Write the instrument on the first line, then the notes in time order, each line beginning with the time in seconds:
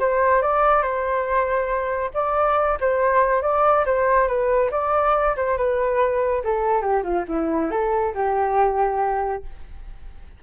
flute
0.00 C5
0.42 D5
0.83 C5
2.14 D5
2.81 C5
3.42 D5
3.86 C5
4.28 B4
4.72 D5
5.37 C5
5.58 B4
6.44 A4
6.82 G4
7.04 F4
7.28 E4
7.71 A4
8.15 G4